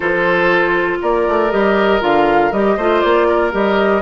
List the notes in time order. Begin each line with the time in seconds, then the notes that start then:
0.00 F3 F4 A4 C5
1.01 A#3 A#4 D5
1.28 A3
1.50 G3 G4 D#5
2.01 D3 F4 F5
2.51 G3 G4 D#5
2.76 A3 F4 C5
3.00 A#3 D5
3.28 A#4
3.51 G3 G4 D#5